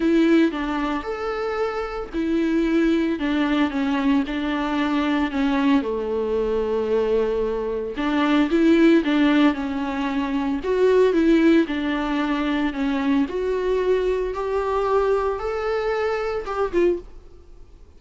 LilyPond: \new Staff \with { instrumentName = "viola" } { \time 4/4 \tempo 4 = 113 e'4 d'4 a'2 | e'2 d'4 cis'4 | d'2 cis'4 a4~ | a2. d'4 |
e'4 d'4 cis'2 | fis'4 e'4 d'2 | cis'4 fis'2 g'4~ | g'4 a'2 g'8 f'8 | }